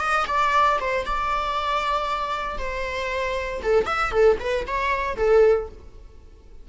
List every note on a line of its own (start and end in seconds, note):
0.00 0.26 D#5
0.28 0.79 D5
0.80 1.06 C5
1.06 2.59 D5
2.59 3.62 C5
3.63 3.86 A4
3.86 4.12 E5
4.12 4.38 A4
4.40 4.66 B4
4.67 5.17 C#5
5.17 5.69 A4